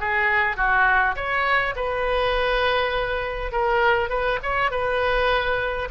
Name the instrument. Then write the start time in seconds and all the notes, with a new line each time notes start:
oboe
0.00 G#4
0.57 F#4
1.16 C#5
1.76 B4
3.52 A#4
4.10 B4
4.43 C#5
4.71 B4